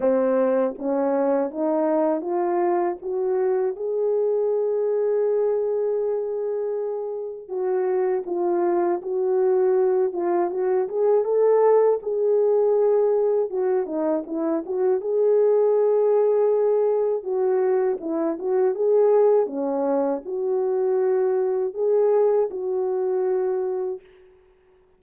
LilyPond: \new Staff \with { instrumentName = "horn" } { \time 4/4 \tempo 4 = 80 c'4 cis'4 dis'4 f'4 | fis'4 gis'2.~ | gis'2 fis'4 f'4 | fis'4. f'8 fis'8 gis'8 a'4 |
gis'2 fis'8 dis'8 e'8 fis'8 | gis'2. fis'4 | e'8 fis'8 gis'4 cis'4 fis'4~ | fis'4 gis'4 fis'2 | }